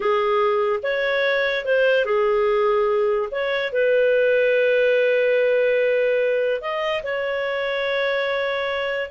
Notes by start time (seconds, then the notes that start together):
0.00 G#4
0.82 C#5
1.65 C5
2.05 G#4
3.31 C#5
3.72 B4
6.61 D#5
7.03 C#5